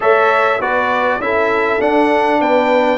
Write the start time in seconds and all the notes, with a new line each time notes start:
0.00 A3 A4 C#5 E5
0.59 B3 F#4 B4 D5
1.18 C#4 E4 A4 E5
1.79 D4 F#5
2.40 B3 B4 G5